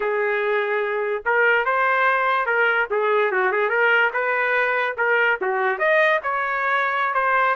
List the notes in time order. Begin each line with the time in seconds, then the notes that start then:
0.00 G#4
1.25 A#4
1.65 C5
2.46 A#4
2.90 G#4
3.31 F#4
3.52 G#4
3.69 A#4
4.13 B4
4.97 A#4
5.41 F#4
5.78 D#5
6.23 C#5
7.14 C5